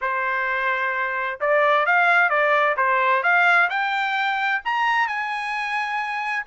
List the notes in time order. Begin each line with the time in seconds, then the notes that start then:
0.01 C5
1.40 D5
1.86 F5
2.29 D5
2.77 C5
3.23 F5
3.69 G5
4.64 A#5
5.07 G#5